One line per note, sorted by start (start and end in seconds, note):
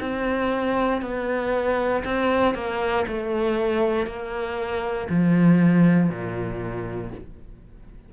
0.00 1.01 C4
1.01 2.03 B3
2.04 2.54 C4
2.54 3.05 A#3
3.07 4.06 A3
4.06 5.08 A#3
5.09 6.09 F3
6.09 7.11 A#2